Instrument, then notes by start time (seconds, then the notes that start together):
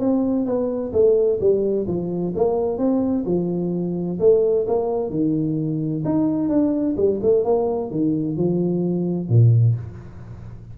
tuba
0.00 C4
0.46 B3
0.93 A3
1.41 G3
1.87 F3
2.36 A#3
2.78 C4
3.26 F3
4.20 A3
4.67 A#3
5.10 D#3
6.05 D#4
6.49 D4
6.97 G3
7.22 A3
7.45 A#3
7.91 D#3
8.37 F3
9.29 A#2